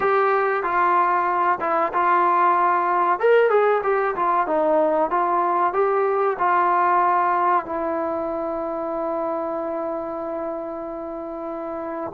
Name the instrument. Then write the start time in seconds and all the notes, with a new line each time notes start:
trombone
0.00 G4
0.63 F4
1.60 E4
1.93 F4
3.19 A#4
3.50 G#4
3.83 G4
4.15 F4
4.47 D#4
5.10 F4
5.73 G4
6.38 F4
7.65 E4